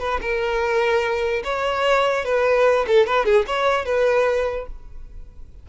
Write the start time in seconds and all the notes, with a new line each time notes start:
0.00 B4
0.21 A#4
1.44 C#5
2.25 B4
2.87 A4
3.06 B4
3.26 G#4
3.47 C#5
3.86 B4